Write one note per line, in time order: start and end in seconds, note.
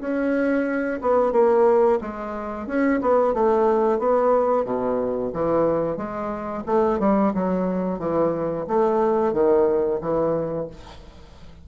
0.00 1.00 C#4
1.01 1.32 B3
1.32 1.98 A#3
2.01 2.67 G#3
2.67 3.00 C#4
3.01 3.33 B3
3.33 3.99 A3
3.99 4.64 B3
4.64 5.31 B2
5.33 5.96 E3
5.96 6.63 G#3
6.66 6.99 A3
6.99 7.32 G3
7.33 7.99 F#3
7.99 8.65 E3
8.67 9.33 A3
9.33 9.99 D#3
10.01 10.67 E3